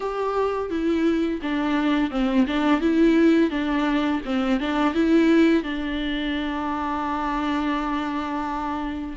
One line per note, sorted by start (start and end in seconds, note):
0.00 0.70 G4
0.70 1.40 E4
1.41 2.10 D4
2.10 2.46 C4
2.46 2.80 D4
2.80 3.50 E4
3.50 4.21 D4
4.25 4.60 C4
4.60 4.94 D4
4.94 5.63 E4
5.63 9.16 D4